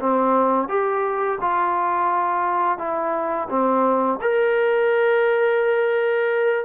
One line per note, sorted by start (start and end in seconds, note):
0.00 0.68 C4
0.68 1.38 G4
1.41 2.78 F4
2.78 3.48 E4
3.49 4.19 C4
4.21 6.65 A#4